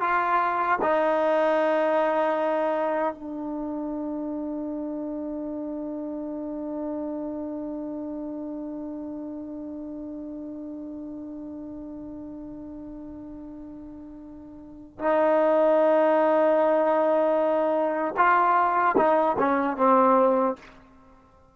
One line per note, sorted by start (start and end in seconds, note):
0.00 0.79 F4
0.82 3.14 D#4
3.14 14.99 D4
14.99 18.15 D#4
18.17 18.96 F4
18.97 19.37 D#4
19.39 19.77 C#4
19.77 20.56 C4